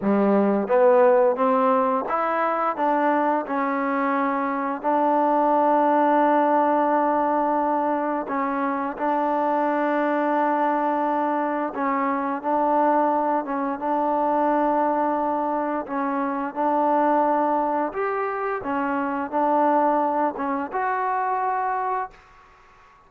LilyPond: \new Staff \with { instrumentName = "trombone" } { \time 4/4 \tempo 4 = 87 g4 b4 c'4 e'4 | d'4 cis'2 d'4~ | d'1 | cis'4 d'2.~ |
d'4 cis'4 d'4. cis'8 | d'2. cis'4 | d'2 g'4 cis'4 | d'4. cis'8 fis'2 | }